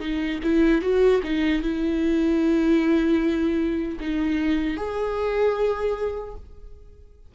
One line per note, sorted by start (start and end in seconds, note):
0.00 0.39 D#4
0.43 0.81 E4
0.81 1.21 F#4
1.23 1.62 D#4
1.62 3.99 E4
4.00 4.77 D#4
4.77 6.34 G#4